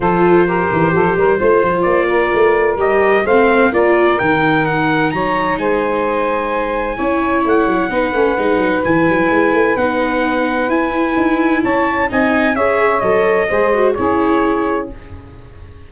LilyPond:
<<
  \new Staff \with { instrumentName = "trumpet" } { \time 4/4 \tempo 4 = 129 c''1 | d''2 dis''4 f''4 | d''4 g''4 fis''4 ais''4 | gis''1 |
fis''2. gis''4~ | gis''4 fis''2 gis''4~ | gis''4 a''4 gis''4 e''4 | dis''2 cis''2 | }
  \new Staff \with { instrumentName = "saxophone" } { \time 4/4 a'4 ais'4 a'8 ais'8 c''4~ | c''8 ais'2~ ais'8 c''4 | ais'2. cis''4 | c''2. cis''4~ |
cis''4 b'2.~ | b'1~ | b'4 cis''4 dis''4 cis''4~ | cis''4 c''4 gis'2 | }
  \new Staff \with { instrumentName = "viola" } { \time 4/4 f'4 g'2 f'4~ | f'2 g'4 c'4 | f'4 dis'2.~ | dis'2. e'4~ |
e'4 dis'8 cis'8 dis'4 e'4~ | e'4 dis'2 e'4~ | e'2 dis'4 gis'4 | a'4 gis'8 fis'8 e'2 | }
  \new Staff \with { instrumentName = "tuba" } { \time 4/4 f4. e8 f8 g8 a8 f8 | ais4 a4 g4 a4 | ais4 dis2 fis4 | gis2. cis'4 |
a8 fis8 b8 a8 gis8 fis8 e8 fis8 | gis8 a8 b2 e'4 | dis'4 cis'4 c'4 cis'4 | fis4 gis4 cis'2 | }
>>